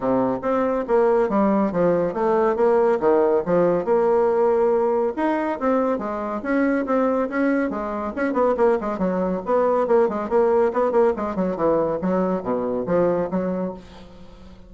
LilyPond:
\new Staff \with { instrumentName = "bassoon" } { \time 4/4 \tempo 4 = 140 c4 c'4 ais4 g4 | f4 a4 ais4 dis4 | f4 ais2. | dis'4 c'4 gis4 cis'4 |
c'4 cis'4 gis4 cis'8 b8 | ais8 gis8 fis4 b4 ais8 gis8 | ais4 b8 ais8 gis8 fis8 e4 | fis4 b,4 f4 fis4 | }